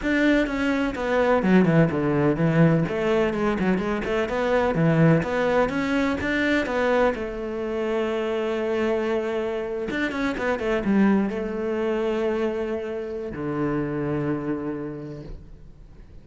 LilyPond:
\new Staff \with { instrumentName = "cello" } { \time 4/4 \tempo 4 = 126 d'4 cis'4 b4 fis8 e8 | d4 e4 a4 gis8 fis8 | gis8 a8 b4 e4 b4 | cis'4 d'4 b4 a4~ |
a1~ | a8. d'8 cis'8 b8 a8 g4 a16~ | a1 | d1 | }